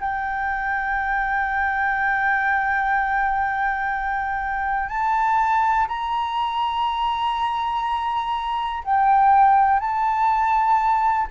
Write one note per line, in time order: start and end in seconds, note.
0.00 4.89 G5
4.89 5.87 A5
5.87 8.83 A#5
8.84 9.80 G5
9.80 11.27 A5